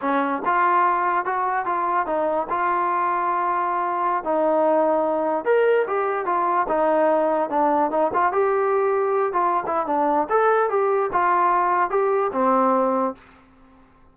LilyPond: \new Staff \with { instrumentName = "trombone" } { \time 4/4 \tempo 4 = 146 cis'4 f'2 fis'4 | f'4 dis'4 f'2~ | f'2~ f'16 dis'4.~ dis'16~ | dis'4~ dis'16 ais'4 g'4 f'8.~ |
f'16 dis'2 d'4 dis'8 f'16~ | f'16 g'2~ g'8 f'8. e'8 | d'4 a'4 g'4 f'4~ | f'4 g'4 c'2 | }